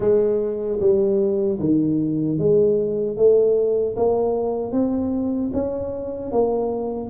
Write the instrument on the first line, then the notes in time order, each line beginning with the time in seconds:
tuba
0.00 G#3
0.80 G3
1.59 D#3
2.38 G#3
3.17 A3
3.96 A#3
4.72 C4
5.53 C#4
6.31 A#3